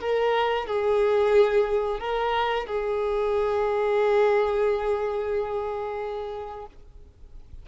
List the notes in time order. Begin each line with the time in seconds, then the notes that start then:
0.00 A#4
0.67 G#4
2.00 A#4
2.66 G#4